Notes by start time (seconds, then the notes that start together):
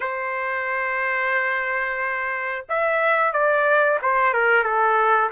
0.00 C5
2.69 E5
3.32 D5
4.02 C5
4.33 A#4
4.63 A4